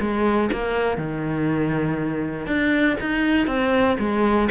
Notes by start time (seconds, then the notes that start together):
0.00 G#3
0.52 A#3
0.97 D#3
2.46 D4
3.00 D#4
3.47 C4
3.99 G#3